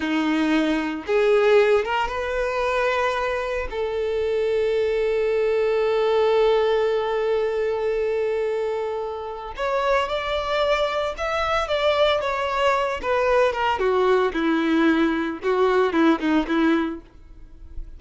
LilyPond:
\new Staff \with { instrumentName = "violin" } { \time 4/4 \tempo 4 = 113 dis'2 gis'4. ais'8 | b'2. a'4~ | a'1~ | a'1~ |
a'2 cis''4 d''4~ | d''4 e''4 d''4 cis''4~ | cis''8 b'4 ais'8 fis'4 e'4~ | e'4 fis'4 e'8 dis'8 e'4 | }